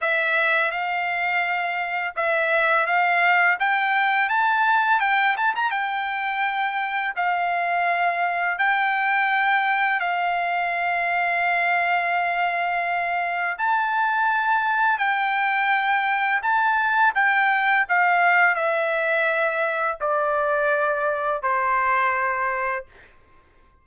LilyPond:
\new Staff \with { instrumentName = "trumpet" } { \time 4/4 \tempo 4 = 84 e''4 f''2 e''4 | f''4 g''4 a''4 g''8 a''16 ais''16 | g''2 f''2 | g''2 f''2~ |
f''2. a''4~ | a''4 g''2 a''4 | g''4 f''4 e''2 | d''2 c''2 | }